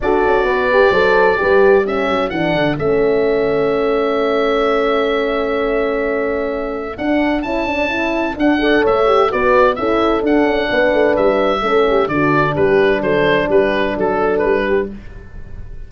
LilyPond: <<
  \new Staff \with { instrumentName = "oboe" } { \time 4/4 \tempo 4 = 129 d''1 | e''4 fis''4 e''2~ | e''1~ | e''2. fis''4 |
a''2 fis''4 e''4 | d''4 e''4 fis''2 | e''2 d''4 b'4 | c''4 b'4 a'4 b'4 | }
  \new Staff \with { instrumentName = "horn" } { \time 4/4 a'4 b'4 c''4 b'4 | a'1~ | a'1~ | a'1~ |
a'2~ a'8 d''8 cis''4 | b'4 a'2 b'4~ | b'4 a'8 g'8 fis'4 g'4 | a'4 g'4 a'4. g'8 | }
  \new Staff \with { instrumentName = "horn" } { \time 4/4 fis'4. g'8 a'4 g'4 | cis'4 d'4 cis'2~ | cis'1~ | cis'2. d'4 |
e'8 d'8 e'4 d'8 a'4 g'8 | fis'4 e'4 d'2~ | d'4 cis'4 d'2~ | d'1 | }
  \new Staff \with { instrumentName = "tuba" } { \time 4/4 d'8 cis'8 b4 fis4 g4~ | g8 fis8 e8 d8 a2~ | a1~ | a2. d'4 |
cis'2 d'4 a4 | b4 cis'4 d'8 cis'8 b8 a8 | g4 a4 d4 g4 | fis4 g4 fis4 g4 | }
>>